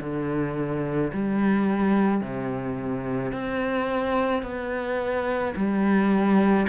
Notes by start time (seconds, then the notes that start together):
0.00 D3
1.13 G3
2.21 C3
3.32 C4
4.42 B3
5.56 G3